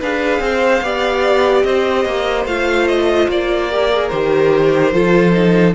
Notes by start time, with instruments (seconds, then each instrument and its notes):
0.00 cello D4, viola G#4, violin B4 F5
0.40 cello C4, violin C5
0.81 cello B3, viola G4, violin D5
1.63 cello C4, violin C5 D#5
2.05 cello A#3
2.45 cello A3, viola F4, violin F5
2.87 violin D#5
3.28 cello A#3, violin D5
3.70 viola G4, violin A#4
3.92 viola G#4
4.09 cello D#3, viola G4, violin C5
4.93 cello F3, viola F4, violin A4
5.32 viola D#4